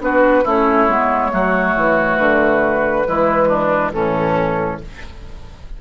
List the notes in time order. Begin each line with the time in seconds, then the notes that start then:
0.00 B3 D4 F#4 B4
0.44 A3 C#4 E4 C#5
0.89 G#3 B3
1.31 F#3 A3 F#4
1.76 E3
2.18 D3 B4
3.06 E3 G#3 E4
3.49 D4
3.92 A2 E3 C#4 A4